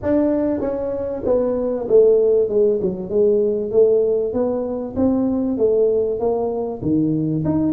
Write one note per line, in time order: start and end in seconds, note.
0.02 0.60 D4
0.60 1.22 C#4
1.25 1.87 B3
1.88 2.48 A3
2.48 2.79 G#3
2.81 3.09 F#3
3.09 3.71 G#3
3.71 4.33 A3
4.33 4.95 B3
4.96 5.57 C4
5.57 6.19 A3
6.19 6.81 A#3
6.82 7.43 D#3
7.45 7.72 D#4